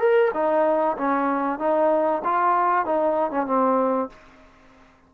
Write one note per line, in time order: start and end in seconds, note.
0.00 0.32 A#4
0.34 0.97 D#4
0.97 1.59 C#4
1.59 2.22 D#4
2.24 2.86 F4
2.86 3.31 D#4
3.31 3.46 C#4
3.46 4.09 C4